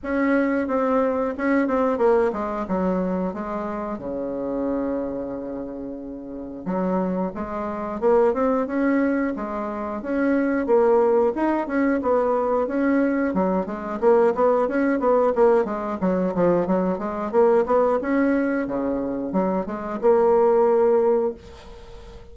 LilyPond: \new Staff \with { instrumentName = "bassoon" } { \time 4/4 \tempo 4 = 90 cis'4 c'4 cis'8 c'8 ais8 gis8 | fis4 gis4 cis2~ | cis2 fis4 gis4 | ais8 c'8 cis'4 gis4 cis'4 |
ais4 dis'8 cis'8 b4 cis'4 | fis8 gis8 ais8 b8 cis'8 b8 ais8 gis8 | fis8 f8 fis8 gis8 ais8 b8 cis'4 | cis4 fis8 gis8 ais2 | }